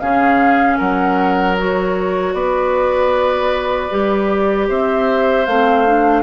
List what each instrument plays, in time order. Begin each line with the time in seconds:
0.00 bassoon C#3, clarinet C#4, oboe G#4, flute F5
0.77 bassoon F#3, oboe A#4, flute F#5
1.58 clarinet F#4, flute C#5
2.34 bassoon B3, oboe B4, flute D5
3.90 bassoon G3, clarinet G4
4.68 bassoon C4, oboe C5, flute E5
5.46 bassoon A3, clarinet C4, flute F5
5.86 clarinet D4